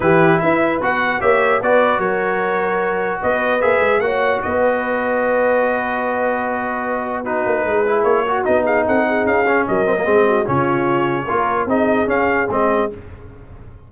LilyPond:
<<
  \new Staff \with { instrumentName = "trumpet" } { \time 4/4 \tempo 4 = 149 b'4 e''4 fis''4 e''4 | d''4 cis''2. | dis''4 e''4 fis''4 dis''4~ | dis''1~ |
dis''2 b'2 | cis''4 dis''8 f''8 fis''4 f''4 | dis''2 cis''2~ | cis''4 dis''4 f''4 dis''4 | }
  \new Staff \with { instrumentName = "horn" } { \time 4/4 g'4 b'2 cis''4 | b'4 ais'2. | b'2 cis''4 b'4~ | b'1~ |
b'2 fis'4 gis'4~ | gis'8 fis'4 gis'8 a'8 gis'4. | ais'4 gis'8 fis'8 f'2 | ais'4 gis'2. | }
  \new Staff \with { instrumentName = "trombone" } { \time 4/4 e'2 fis'4 g'4 | fis'1~ | fis'4 gis'4 fis'2~ | fis'1~ |
fis'2 dis'4. e'8~ | e'8 fis'8 dis'2~ dis'8 cis'8~ | cis'8 c'16 ais16 c'4 cis'2 | f'4 dis'4 cis'4 c'4 | }
  \new Staff \with { instrumentName = "tuba" } { \time 4/4 e4 e'4 b4 ais4 | b4 fis2. | b4 ais8 gis8 ais4 b4~ | b1~ |
b2~ b8 ais8 gis4 | ais4 b4 c'4 cis'4 | fis4 gis4 cis2 | ais4 c'4 cis'4 gis4 | }
>>